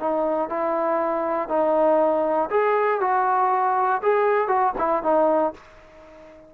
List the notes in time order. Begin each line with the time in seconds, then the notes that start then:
0.00 D#4
0.50 E4
1.49 D#4
2.50 G#4
3.01 F#4
4.02 G#4
4.48 F#4
4.79 E4
5.03 D#4